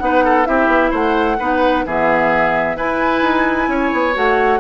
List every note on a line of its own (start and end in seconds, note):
0.00 0.48 B3
0.00 0.45 D#4
0.00 0.25 B4
0.00 0.46 F#5
0.25 0.48 A4
0.45 0.68 C4
0.45 1.38 E4
0.45 0.91 G4
0.45 0.92 E5
0.68 0.91 B3
0.91 1.39 A3
0.91 1.37 C5
0.91 1.87 F#5
1.39 1.86 B3
1.39 1.87 D#4
1.39 1.85 B4
1.86 2.76 E3
1.86 2.78 B3
1.86 2.77 G#4
1.86 2.77 E5
2.76 3.22 E4
2.76 4.14 E4
2.76 3.70 B4
2.76 4.15 G#5
3.22 3.68 D#4
3.68 3.91 C#4
3.68 4.60 C#5
3.93 4.16 B3
4.14 4.60 A3
4.14 4.60 F#4
4.14 4.60 F#5